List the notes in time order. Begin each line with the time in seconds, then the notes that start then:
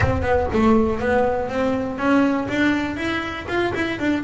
0.00 C4
0.21 B3
0.52 A3
0.99 B3
1.49 C4
1.98 C#4
2.48 D4
2.96 E4
3.47 F4
3.74 E4
3.99 D4